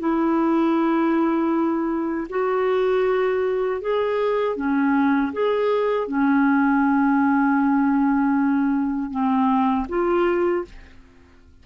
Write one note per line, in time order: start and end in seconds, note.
0.00 2.28 E4
2.30 3.81 F#4
3.81 4.57 G#4
4.57 5.33 C#4
5.33 6.08 G#4
6.08 9.11 C#4
9.11 9.87 C4
9.89 10.65 F4